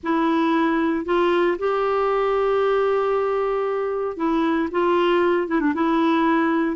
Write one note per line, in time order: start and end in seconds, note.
0.03 1.05 E4
1.05 1.57 F4
1.58 4.16 G4
4.16 4.69 E4
4.71 5.47 F4
5.47 5.60 E4
5.60 5.73 D4
5.74 6.76 E4